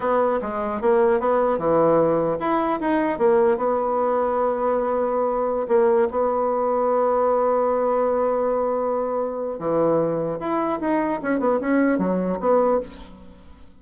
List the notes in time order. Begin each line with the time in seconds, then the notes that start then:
0.00 B3
0.41 G#3
0.81 A#3
1.20 B3
1.58 E3
2.39 E4
2.80 D#4
3.18 A#3
3.57 B3
5.68 A#3
6.10 B3
9.59 E3
10.39 E4
10.80 D#4
11.22 C#4
11.39 B3
11.60 C#4
11.98 F#3
12.40 B3